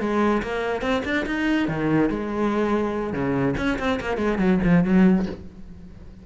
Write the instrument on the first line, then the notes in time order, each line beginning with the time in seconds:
cello
0.00 G#3
0.43 A#3
0.82 C4
1.05 D4
1.26 D#4
1.68 D#3
2.10 G#3
3.13 C#3
3.57 C#4
3.79 C4
4.01 A#3
4.17 G#3
4.39 F#3
4.64 F3
4.84 F#3